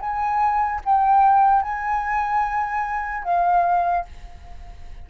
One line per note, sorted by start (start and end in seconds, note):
0.00 0.81 G#5
0.85 1.62 G5
1.62 3.24 G#5
3.24 4.05 F5